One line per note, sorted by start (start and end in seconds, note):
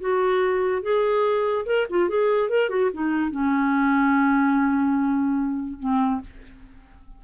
0.00 0.82 F#4
0.82 1.65 G#4
1.66 1.86 A#4
1.90 2.09 F4
2.09 2.49 G#4
2.49 2.70 A#4
2.70 2.90 F#4
2.93 3.31 D#4
3.31 5.79 C#4
5.79 6.21 C4